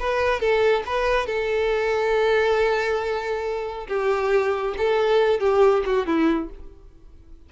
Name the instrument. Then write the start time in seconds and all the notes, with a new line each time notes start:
violin
0.00 B4
0.40 A4
0.86 B4
1.26 A4
3.88 G4
4.78 A4
5.40 G4
5.86 F#4
6.07 E4